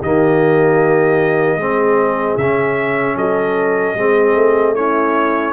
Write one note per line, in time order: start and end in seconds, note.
0.00 1.56 D#3
0.00 1.60 A#3
0.00 1.58 G4
0.00 2.37 D#5
1.56 2.35 G#3
1.56 2.39 C4
1.56 3.16 G#4
2.37 3.16 C#3
2.37 3.98 C#4
2.37 3.16 E5
3.16 3.95 F#3
3.16 3.95 A4
3.16 4.75 D#5
3.95 4.34 G#3
3.95 4.76 C4
3.95 4.76 G#4
4.34 5.53 A3
4.75 5.53 C#4
4.75 5.53 E4
4.75 5.53 C#5